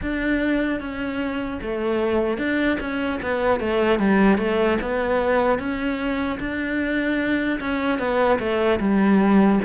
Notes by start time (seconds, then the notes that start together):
0.01 D4
0.80 C#4
1.61 A3
2.38 D4
2.80 C#4
3.21 B3
3.60 A3
3.99 G3
4.38 A3
4.81 B3
5.59 C#4
6.39 D4
7.60 C#4
7.98 B3
8.39 A3
8.79 G3